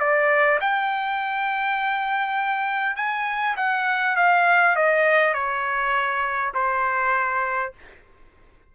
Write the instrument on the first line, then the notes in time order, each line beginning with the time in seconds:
trumpet
0.00 D5
0.61 G5
2.96 G#5
3.57 F#5
4.16 F5
4.76 D#5
5.34 C#5
6.55 C5